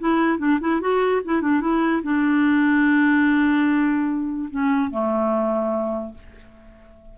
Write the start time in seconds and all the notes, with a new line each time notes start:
0.00 E4
0.39 D4
0.61 E4
0.81 F#4
1.25 E4
1.42 D4
1.61 E4
2.03 D4
4.50 C#4
4.91 A3